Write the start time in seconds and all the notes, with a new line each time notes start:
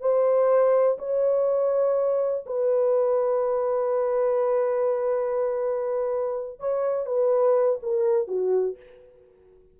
0.00 C5
0.98 C#5
2.45 B4
6.59 C#5
7.06 B4
7.82 A#4
8.27 F#4